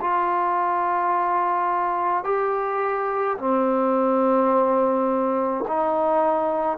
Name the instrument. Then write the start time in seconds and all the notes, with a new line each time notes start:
trombone
0.00 F4
2.24 G4
3.38 C4
5.68 D#4